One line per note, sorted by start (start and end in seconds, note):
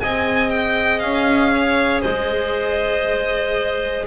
0.00 1.02 C4
0.00 4.07 G#4
0.00 1.51 D#5
0.00 0.50 G#5
0.50 0.99 G5
0.99 2.04 C#4
0.99 2.01 F5
1.51 2.01 C#5
2.01 4.07 G#3
2.01 4.05 C5
2.01 4.06 D#5